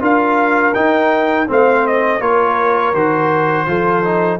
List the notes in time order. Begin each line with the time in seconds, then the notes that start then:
0.00 D4 F4 A#4 F5
0.74 D#4 G5
1.47 A3 C4 C5 F5
1.87 D#5
2.20 A#3 F4 A#4 C#5
2.93 D#3 F#4 C5
3.67 F3 F4 A4
4.04 D#4